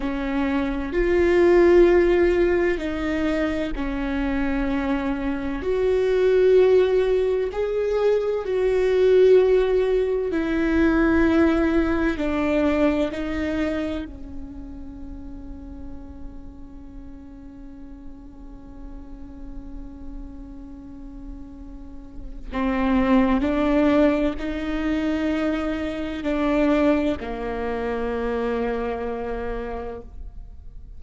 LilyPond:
\new Staff \with { instrumentName = "viola" } { \time 4/4 \tempo 4 = 64 cis'4 f'2 dis'4 | cis'2 fis'2 | gis'4 fis'2 e'4~ | e'4 d'4 dis'4 cis'4~ |
cis'1~ | cis'1 | c'4 d'4 dis'2 | d'4 ais2. | }